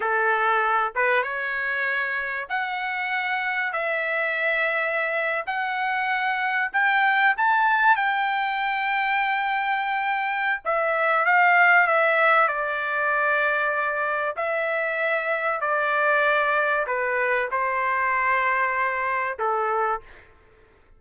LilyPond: \new Staff \with { instrumentName = "trumpet" } { \time 4/4 \tempo 4 = 96 a'4. b'8 cis''2 | fis''2 e''2~ | e''8. fis''2 g''4 a''16~ | a''8. g''2.~ g''16~ |
g''4 e''4 f''4 e''4 | d''2. e''4~ | e''4 d''2 b'4 | c''2. a'4 | }